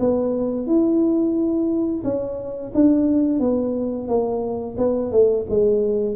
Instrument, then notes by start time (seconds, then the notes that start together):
tuba
0.00 B3
0.67 E4
2.04 C#4
2.75 D4
3.40 B3
4.08 A#3
4.78 B3
5.12 A3
5.50 G#3